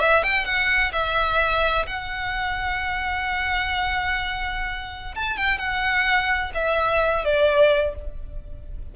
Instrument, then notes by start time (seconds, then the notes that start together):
violin
0.00 E5
0.23 G5
0.45 F#5
0.92 E5
1.87 F#5
5.15 A5
5.37 G5
5.58 F#5
6.54 E5
7.25 D5